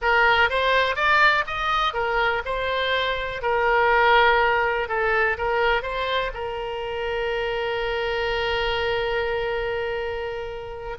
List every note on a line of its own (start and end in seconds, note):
0.01 0.49 A#4
0.49 0.95 C5
0.95 1.44 D5
1.46 1.93 D#5
1.93 2.42 A#4
2.45 3.41 C5
3.41 4.88 A#4
4.88 5.37 A4
5.37 5.82 A#4
5.82 6.31 C5
6.34 10.97 A#4